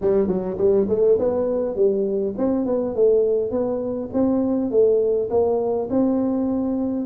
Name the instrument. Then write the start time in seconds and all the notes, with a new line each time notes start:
tuba
0.01 G3
0.27 F#3
0.57 G3
0.88 A3
1.18 B3
1.75 G3
2.37 C4
2.65 B3
2.95 A3
3.51 B3
4.13 C4
4.70 A3
5.29 A#3
5.90 C4